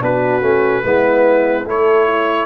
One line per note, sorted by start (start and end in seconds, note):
0.00 0.41 B3
0.00 0.41 D4
0.00 0.83 F#4
0.00 1.68 B4
0.41 0.83 A3
0.41 0.82 C#4
0.82 1.66 G#3
0.82 1.64 B3
0.82 1.66 E4
1.65 2.46 A3
1.65 2.46 E4
1.65 2.07 A4
1.65 2.46 C#5
2.07 2.46 E4